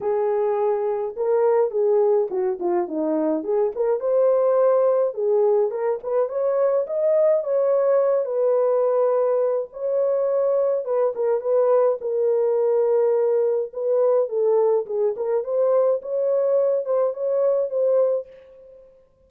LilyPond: \new Staff \with { instrumentName = "horn" } { \time 4/4 \tempo 4 = 105 gis'2 ais'4 gis'4 | fis'8 f'8 dis'4 gis'8 ais'8 c''4~ | c''4 gis'4 ais'8 b'8 cis''4 | dis''4 cis''4. b'4.~ |
b'4 cis''2 b'8 ais'8 | b'4 ais'2. | b'4 a'4 gis'8 ais'8 c''4 | cis''4. c''8 cis''4 c''4 | }